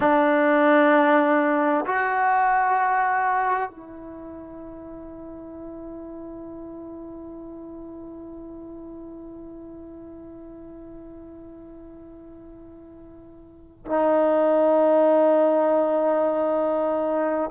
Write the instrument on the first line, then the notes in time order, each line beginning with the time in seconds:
trombone
0.00 D4
1.85 F#4
3.70 E4
13.85 D#4